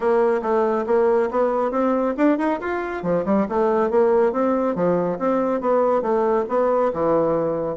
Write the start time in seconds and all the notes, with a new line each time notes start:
0.00 A#3
0.42 A3
0.86 A#3
1.30 B3
1.71 C4
2.17 D4
2.38 D#4
2.60 F4
3.02 F3
3.25 G3
3.48 A3
3.90 A#3
4.32 C4
4.75 F3
5.19 C4
5.60 B3
6.02 A3
6.49 B3
6.93 E3